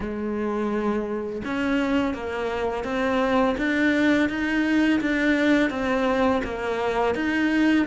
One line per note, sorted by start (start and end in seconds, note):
0.00 1.42 G#3
1.44 2.14 C#4
2.14 2.84 A#3
2.84 3.55 C4
3.57 4.29 D4
4.29 5.00 D#4
5.00 5.70 D4
5.70 6.41 C4
6.44 7.14 A#3
7.14 7.86 D#4